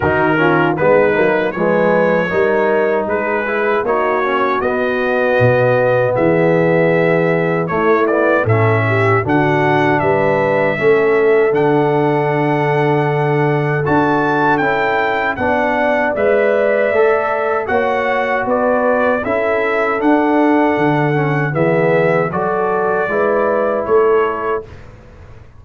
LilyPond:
<<
  \new Staff \with { instrumentName = "trumpet" } { \time 4/4 \tempo 4 = 78 ais'4 b'4 cis''2 | b'4 cis''4 dis''2 | e''2 cis''8 d''8 e''4 | fis''4 e''2 fis''4~ |
fis''2 a''4 g''4 | fis''4 e''2 fis''4 | d''4 e''4 fis''2 | e''4 d''2 cis''4 | }
  \new Staff \with { instrumentName = "horn" } { \time 4/4 fis'8 f'8 dis'4 b'4 ais'4 | gis'4 fis'2. | gis'2 e'4 a'8 g'8 | fis'4 b'4 a'2~ |
a'1 | d''2. cis''4 | b'4 a'2. | gis'4 a'4 b'4 a'4 | }
  \new Staff \with { instrumentName = "trombone" } { \time 4/4 dis'8 cis'8 b8 ais8 gis4 dis'4~ | dis'8 e'8 dis'8 cis'8 b2~ | b2 a8 b8 cis'4 | d'2 cis'4 d'4~ |
d'2 fis'4 e'4 | d'4 b'4 a'4 fis'4~ | fis'4 e'4 d'4. cis'8 | b4 fis'4 e'2 | }
  \new Staff \with { instrumentName = "tuba" } { \time 4/4 dis4 gis8 fis8 f4 g4 | gis4 ais4 b4 b,4 | e2 a4 a,4 | d4 g4 a4 d4~ |
d2 d'4 cis'4 | b4 gis4 a4 ais4 | b4 cis'4 d'4 d4 | e4 fis4 gis4 a4 | }
>>